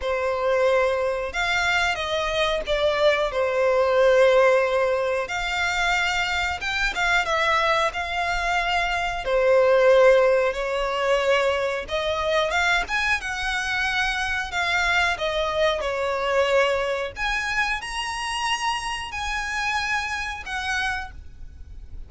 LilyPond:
\new Staff \with { instrumentName = "violin" } { \time 4/4 \tempo 4 = 91 c''2 f''4 dis''4 | d''4 c''2. | f''2 g''8 f''8 e''4 | f''2 c''2 |
cis''2 dis''4 f''8 gis''8 | fis''2 f''4 dis''4 | cis''2 gis''4 ais''4~ | ais''4 gis''2 fis''4 | }